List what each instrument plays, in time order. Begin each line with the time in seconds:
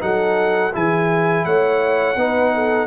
0.00 tuba F#3, trombone D#4, horn A4, trumpet F#5
0.73 tuba E3, trombone E4, horn G#4, trumpet G#5
1.45 tuba A3, horn C#5, trumpet F#5
2.16 tuba B3, trombone D#4, horn B4
2.55 horn A4